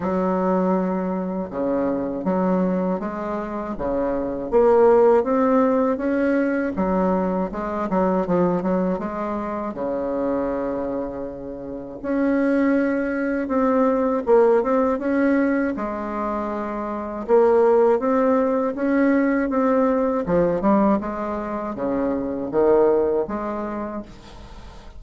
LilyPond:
\new Staff \with { instrumentName = "bassoon" } { \time 4/4 \tempo 4 = 80 fis2 cis4 fis4 | gis4 cis4 ais4 c'4 | cis'4 fis4 gis8 fis8 f8 fis8 | gis4 cis2. |
cis'2 c'4 ais8 c'8 | cis'4 gis2 ais4 | c'4 cis'4 c'4 f8 g8 | gis4 cis4 dis4 gis4 | }